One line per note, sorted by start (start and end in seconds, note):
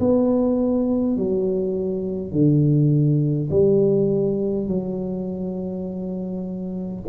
0.00 1.17 B3
1.17 2.32 F#3
2.32 3.50 D3
3.50 4.68 G3
4.68 7.03 F#3